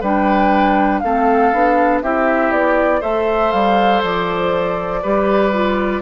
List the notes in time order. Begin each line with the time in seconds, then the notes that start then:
0.00 G3 D4 B4 G5
0.99 A3 C4 A4 F5
1.52 B3 D4
2.02 C4 E4 G4 E5
2.51 B3 D5
3.00 A3 A4 C5 E5
3.51 G3 F5
4.03 F3 D5
5.02 G3 G4 B4
5.53 F4